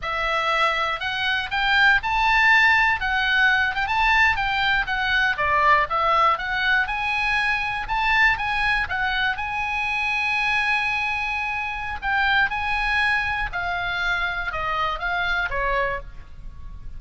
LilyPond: \new Staff \with { instrumentName = "oboe" } { \time 4/4 \tempo 4 = 120 e''2 fis''4 g''4 | a''2 fis''4. g''16 a''16~ | a''8. g''4 fis''4 d''4 e''16~ | e''8. fis''4 gis''2 a''16~ |
a''8. gis''4 fis''4 gis''4~ gis''16~ | gis''1 | g''4 gis''2 f''4~ | f''4 dis''4 f''4 cis''4 | }